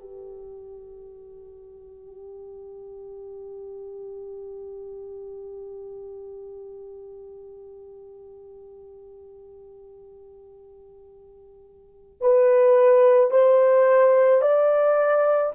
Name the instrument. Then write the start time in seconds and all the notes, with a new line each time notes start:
horn
0.00 G4
12.22 B4
13.31 C5
14.41 D5